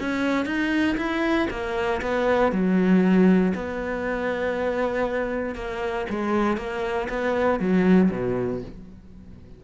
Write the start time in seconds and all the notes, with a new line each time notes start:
0.00 C#4
0.46 D#4
0.97 E4
1.50 A#3
2.02 B3
2.52 F#3
3.55 B3
5.55 A#3
6.09 G#3
6.57 A#3
7.09 B3
7.59 F#3
8.11 B2